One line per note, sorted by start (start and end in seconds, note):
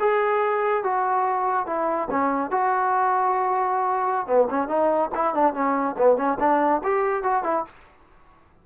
0.00 0.84 G#4
0.84 1.67 F#4
1.67 2.09 E4
2.11 2.51 C#4
2.51 4.27 F#4
4.27 4.48 B3
4.50 4.68 C#4
4.68 5.10 D#4
5.15 5.35 E4
5.35 5.54 D4
5.54 5.96 C#4
5.98 6.17 B3
6.17 6.38 C#4
6.40 6.82 D4
6.84 7.24 G4
7.24 7.44 F#4
7.44 7.65 E4